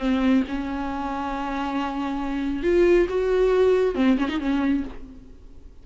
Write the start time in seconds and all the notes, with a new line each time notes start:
0.00 C4
0.49 C#4
2.64 F4
3.10 F#4
3.96 C4
4.19 C#4
4.29 D#4
4.40 C#4